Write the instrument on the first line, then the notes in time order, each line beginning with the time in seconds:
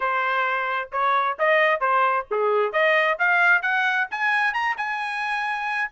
trumpet
0.00 C5
0.92 C#5
1.38 D#5
1.80 C5
2.31 G#4
2.72 D#5
3.19 F5
3.62 F#5
4.10 G#5
4.53 A#5
4.77 G#5